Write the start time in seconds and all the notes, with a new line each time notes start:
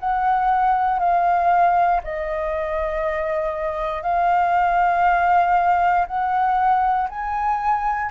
0.00 F#5
0.99 F5
2.04 D#5
4.03 F5
6.07 F#5
7.10 G#5